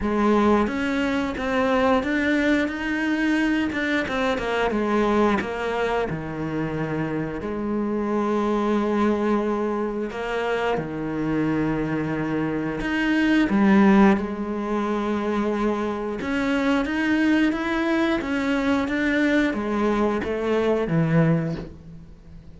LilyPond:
\new Staff \with { instrumentName = "cello" } { \time 4/4 \tempo 4 = 89 gis4 cis'4 c'4 d'4 | dis'4. d'8 c'8 ais8 gis4 | ais4 dis2 gis4~ | gis2. ais4 |
dis2. dis'4 | g4 gis2. | cis'4 dis'4 e'4 cis'4 | d'4 gis4 a4 e4 | }